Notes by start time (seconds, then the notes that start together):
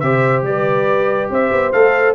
0.00 C3 G4 C5 E5
0.43 G3 B4 D5
1.30 C4 C5 E5
1.52 B3
1.72 A3 A4 F5